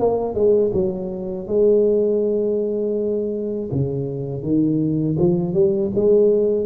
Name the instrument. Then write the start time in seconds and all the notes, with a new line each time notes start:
tuba
0.00 A#3
0.35 G#3
0.74 F#3
1.47 G#3
3.72 C#3
4.43 D#3
5.20 F3
5.54 G3
5.96 G#3